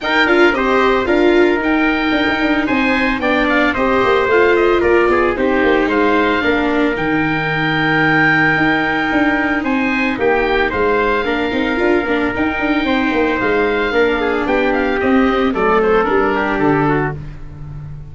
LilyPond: <<
  \new Staff \with { instrumentName = "oboe" } { \time 4/4 \tempo 4 = 112 g''8 f''8 dis''4 f''4 g''4~ | g''4 gis''4 g''8 f''8 dis''4 | f''8 dis''8 d''4 c''4 f''4~ | f''4 g''2.~ |
g''2 gis''4 g''4 | f''2. g''4~ | g''4 f''2 g''8 f''8 | dis''4 d''8 c''8 ais'4 a'4 | }
  \new Staff \with { instrumentName = "trumpet" } { \time 4/4 ais'4 c''4 ais'2~ | ais'4 c''4 d''4 c''4~ | c''4 ais'8 gis'8 g'4 c''4 | ais'1~ |
ais'2 c''4 g'4 | c''4 ais'2. | c''2 ais'8 gis'8 g'4~ | g'4 a'4. g'4 fis'8 | }
  \new Staff \with { instrumentName = "viola" } { \time 4/4 dis'8 f'8 g'4 f'4 dis'4~ | dis'2 d'4 g'4 | f'2 dis'2 | d'4 dis'2.~ |
dis'1~ | dis'4 d'8 dis'8 f'8 d'8 dis'4~ | dis'2 d'2 | c'4 a4 d'2 | }
  \new Staff \with { instrumentName = "tuba" } { \time 4/4 dis'8 d'8 c'4 d'4 dis'4 | d'16 dis'16 d'8 c'4 b4 c'8 ais8 | a4 ais8 b8 c'8 ais8 gis4 | ais4 dis2. |
dis'4 d'4 c'4 ais4 | gis4 ais8 c'8 d'8 ais8 dis'8 d'8 | c'8 ais8 gis4 ais4 b4 | c'4 fis4 g4 d4 | }
>>